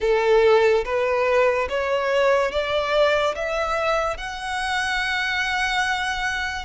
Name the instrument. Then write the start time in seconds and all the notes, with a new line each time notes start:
violin
0.00 A4
0.84 B4
1.69 C#5
2.51 D5
3.35 E5
4.17 F#5